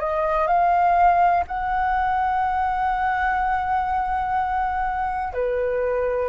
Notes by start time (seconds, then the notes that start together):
0.00 D#5
0.48 F5
1.48 F#5
5.34 B4